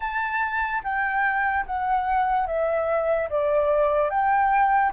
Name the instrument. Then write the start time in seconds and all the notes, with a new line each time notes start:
flute
0.00 A5
0.83 G5
1.66 F#5
2.46 E5
3.29 D5
4.09 G5